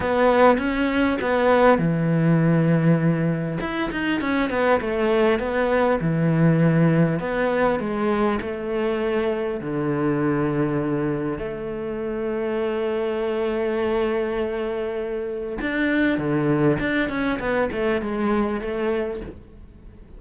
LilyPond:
\new Staff \with { instrumentName = "cello" } { \time 4/4 \tempo 4 = 100 b4 cis'4 b4 e4~ | e2 e'8 dis'8 cis'8 b8 | a4 b4 e2 | b4 gis4 a2 |
d2. a4~ | a1~ | a2 d'4 d4 | d'8 cis'8 b8 a8 gis4 a4 | }